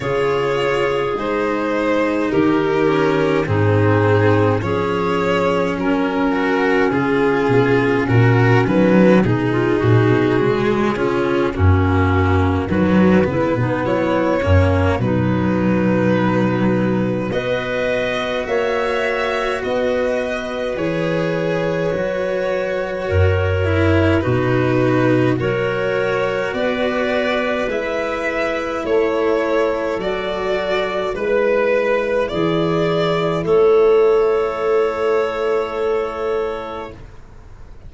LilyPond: <<
  \new Staff \with { instrumentName = "violin" } { \time 4/4 \tempo 4 = 52 cis''4 c''4 ais'4 gis'4 | cis''4 ais'4 gis'4 ais'8 b'8 | gis'2 fis'4 b'4 | cis''4 b'2 dis''4 |
e''4 dis''4 cis''2~ | cis''4 b'4 cis''4 d''4 | e''4 cis''4 d''4 b'4 | d''4 cis''2. | }
  \new Staff \with { instrumentName = "clarinet" } { \time 4/4 gis'2 g'4 dis'4 | gis'4 cis'2. | dis'16 f'16 fis'4 f'8 cis'4 fis'8 e'16 dis'16 | e'8 cis'8 dis'2 b'4 |
cis''4 b'2. | ais'4 fis'4 ais'4 b'4~ | b'4 a'2 b'4 | gis'4 a'2. | }
  \new Staff \with { instrumentName = "cello" } { \time 4/4 f'4 dis'4. cis'8 c'4 | cis'4. fis'8 f'4 fis'8 fis8 | dis'4 gis8 cis'8 ais4 fis8 b8~ | b8 ais8 fis2 fis'4~ |
fis'2 gis'4 fis'4~ | fis'8 e'8 dis'4 fis'2 | e'2 fis'4 e'4~ | e'1 | }
  \new Staff \with { instrumentName = "tuba" } { \time 4/4 cis4 gis4 dis4 gis,4 | f4 fis4 cis8 b,8 ais,8 dis8 | b,8 ais,16 b,16 cis4 fis,4 dis8 cis16 b,16 | fis8 fis,8 b,2 b4 |
ais4 b4 e4 fis4 | fis,4 b,4 fis4 b4 | gis4 a4 fis4 gis4 | e4 a2. | }
>>